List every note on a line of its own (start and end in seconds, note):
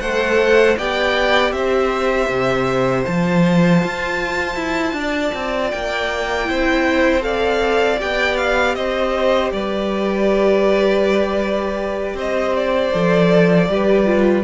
0.00 0.76 A3
0.00 0.78 A4
0.00 0.77 C5
0.00 0.76 F#5
0.77 1.52 B3
0.77 3.06 G4
0.77 1.53 D5
0.77 1.52 G5
1.52 2.28 C4
1.52 4.97 C5
1.52 3.04 E5
2.28 3.04 C3
3.06 3.84 F3
3.06 6.45 F4
3.06 5.71 A5
3.84 4.55 F4
4.55 4.93 E4
4.93 5.31 D4
4.99 6.49 D5
5.34 5.72 C4
5.71 6.49 A#3
5.71 7.22 G5
6.45 8.01 C4
6.45 7.21 E4
6.45 7.25 C5
7.21 7.97 A4
7.21 8.76 D5
7.21 7.99 F5
7.98 8.75 B3
7.98 12.92 G4
7.98 8.37 G5
8.37 8.75 F5
8.75 9.51 C4
8.75 9.53 C5
8.75 9.51 D#5
9.52 12.14 G3
9.52 12.16 B4
9.52 12.18 D5
12.14 12.90 C4
12.14 13.67 C5
12.14 12.56 D#5
12.56 14.44 D5
12.93 13.69 F3
12.93 13.69 A4
13.69 14.44 G3
13.69 14.06 G4
13.69 14.44 B4
14.06 14.44 F4